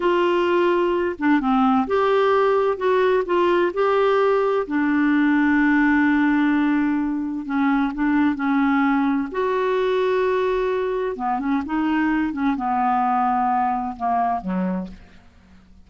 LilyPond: \new Staff \with { instrumentName = "clarinet" } { \time 4/4 \tempo 4 = 129 f'2~ f'8 d'8 c'4 | g'2 fis'4 f'4 | g'2 d'2~ | d'1 |
cis'4 d'4 cis'2 | fis'1 | b8 cis'8 dis'4. cis'8 b4~ | b2 ais4 fis4 | }